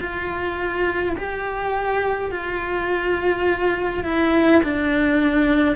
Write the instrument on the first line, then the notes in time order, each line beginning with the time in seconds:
cello
0.00 F4
1.16 G4
2.31 F4
4.04 E4
4.63 D4